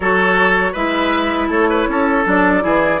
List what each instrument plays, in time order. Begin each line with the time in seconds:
0.00 bassoon F#3, clarinet F#4, oboe A4, flute C#5
0.72 bassoon G#3, clarinet E4, oboe B4, flute E5
1.48 bassoon A3, oboe A4, flute C#5
1.69 oboe B4
1.88 bassoon C#4, oboe A4
2.25 bassoon F#3, clarinet D4, flute D5
2.61 bassoon E3, clarinet E4, oboe G#4